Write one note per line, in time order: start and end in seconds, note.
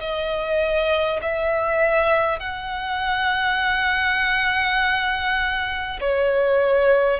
0.00 1.20 D#5
1.22 2.39 E5
2.39 5.99 F#5
6.01 7.20 C#5